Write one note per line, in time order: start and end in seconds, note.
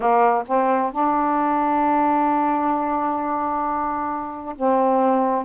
0.00 0.43 A#3
0.46 0.92 C4
0.92 4.55 D4
4.56 5.45 C4